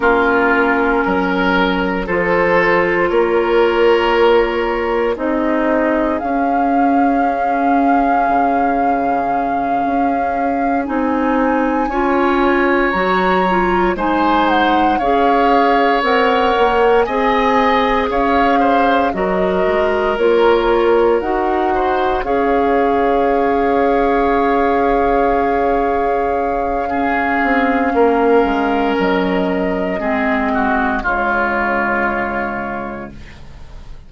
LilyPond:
<<
  \new Staff \with { instrumentName = "flute" } { \time 4/4 \tempo 4 = 58 ais'2 c''4 cis''4~ | cis''4 dis''4 f''2~ | f''2~ f''8 gis''4.~ | gis''8 ais''4 gis''8 fis''8 f''4 fis''8~ |
fis''8 gis''4 f''4 dis''4 cis''8~ | cis''8 fis''4 f''2~ f''8~ | f''1 | dis''2 cis''2 | }
  \new Staff \with { instrumentName = "oboe" } { \time 4/4 f'4 ais'4 a'4 ais'4~ | ais'4 gis'2.~ | gis'2.~ gis'8 cis''8~ | cis''4. c''4 cis''4.~ |
cis''8 dis''4 cis''8 c''8 ais'4.~ | ais'4 c''8 cis''2~ cis''8~ | cis''2 gis'4 ais'4~ | ais'4 gis'8 fis'8 f'2 | }
  \new Staff \with { instrumentName = "clarinet" } { \time 4/4 cis'2 f'2~ | f'4 dis'4 cis'2~ | cis'2~ cis'8 dis'4 f'8~ | f'8 fis'8 f'8 dis'4 gis'4 ais'8~ |
ais'8 gis'2 fis'4 f'8~ | f'8 fis'4 gis'2~ gis'8~ | gis'2 cis'2~ | cis'4 c'4 gis2 | }
  \new Staff \with { instrumentName = "bassoon" } { \time 4/4 ais4 fis4 f4 ais4~ | ais4 c'4 cis'2 | cis4. cis'4 c'4 cis'8~ | cis'8 fis4 gis4 cis'4 c'8 |
ais8 c'4 cis'4 fis8 gis8 ais8~ | ais8 dis'4 cis'2~ cis'8~ | cis'2~ cis'8 c'8 ais8 gis8 | fis4 gis4 cis2 | }
>>